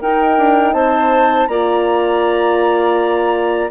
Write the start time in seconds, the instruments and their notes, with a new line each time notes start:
0.00 bassoon D#4, horn D#4, clarinet A#4, flute G5
0.38 bassoon D4
0.74 bassoon C4, clarinet C5, flute A5
1.48 bassoon A#3, horn F4, clarinet D5, flute A#5